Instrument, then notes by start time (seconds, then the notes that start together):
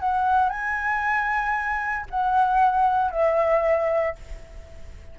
flute
0.00 F#5
0.49 G#5
2.11 F#5
3.11 E5